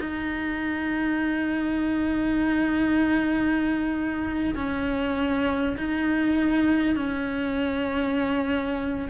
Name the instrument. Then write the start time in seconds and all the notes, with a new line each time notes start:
cello
0.00 D#4
4.55 C#4
5.77 D#4
6.96 C#4